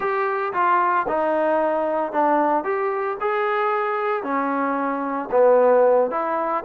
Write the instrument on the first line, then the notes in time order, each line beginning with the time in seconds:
trombone
0.00 G4
0.53 F4
1.07 D#4
2.12 D4
2.64 G4
3.20 G#4
4.23 C#4
5.31 B3
6.10 E4